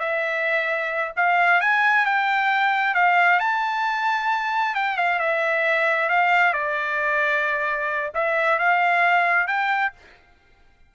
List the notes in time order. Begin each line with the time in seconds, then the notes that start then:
0.00 E5
1.17 F5
1.61 G#5
2.06 G5
2.95 F5
3.40 A5
4.75 G5
4.98 F5
5.20 E5
6.10 F5
6.54 D5
8.15 E5
8.59 F5
9.48 G5